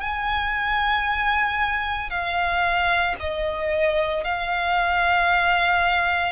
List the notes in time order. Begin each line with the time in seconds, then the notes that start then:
0.00 G#5
2.10 F5
3.20 D#5
4.24 F5